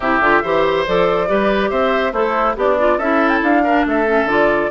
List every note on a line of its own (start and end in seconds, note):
0.00 0.20 C3
0.00 0.22 E4
0.00 0.42 G4
0.00 0.85 E5
0.20 0.41 D3
0.20 0.43 F4
0.42 0.86 E3
0.42 0.86 G4
0.42 1.28 C5
0.86 1.29 F3
0.86 1.27 A4
0.86 1.70 D5
1.27 1.70 G3
1.27 2.13 G4
1.27 1.70 B4
1.70 2.12 C4
1.70 2.12 C5
1.70 2.13 E5
2.12 2.55 A3
2.12 2.55 E4
2.12 2.55 A4
2.12 2.56 C5
2.55 2.98 B3
2.55 2.97 D4
2.55 2.77 G4
2.55 2.98 D5
2.79 3.00 F4
2.97 3.41 C#4
2.97 3.65 E4
2.97 3.61 A4
2.97 3.28 E5
3.28 3.39 G5
3.41 3.84 D4
3.41 3.86 F5
3.63 4.06 D4
3.63 3.85 A#4
3.85 4.24 A3
3.85 4.71 A4
3.85 4.28 E5
4.06 4.27 C#4
4.24 4.67 D3
4.24 4.71 F4
4.24 4.71 D5